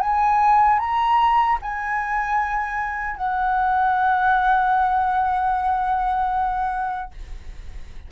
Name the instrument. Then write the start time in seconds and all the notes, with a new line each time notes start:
flute
0.00 G#5
0.79 A#5
1.61 G#5
3.17 F#5